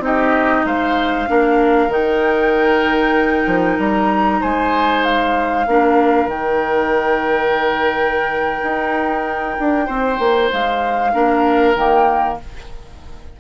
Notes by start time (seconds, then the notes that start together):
0.00 C4 D#4 G4 D#5
0.65 G#3 C5 F5
1.27 A#3 D4 A#4
1.88 D#3 D#4 G5
3.47 F3
3.79 G3 A#5
4.41 G#3 C5 G#5
5.04 F5
5.67 A#3 D4 A#4
6.27 D#3 D#4 G5
8.63 D#4
9.60 D4
9.86 C4 C5
10.19 A#3
10.52 G#3 F5
11.13 A#3 D4 A#4
11.75 D#3 A#3 G5